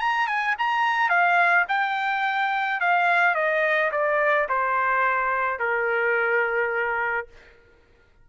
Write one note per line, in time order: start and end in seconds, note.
0.00 0.27 A#5
0.27 0.55 G#5
0.58 1.09 A#5
1.09 1.65 F5
1.68 2.80 G5
2.80 3.35 F5
3.35 3.91 D#5
3.92 4.48 D5
4.49 5.59 C5
5.59 7.27 A#4